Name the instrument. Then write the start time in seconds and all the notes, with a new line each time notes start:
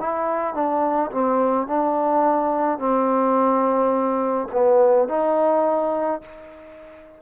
trombone
0.00 E4
0.54 D4
1.12 C4
1.67 D4
2.78 C4
4.52 B3
5.08 D#4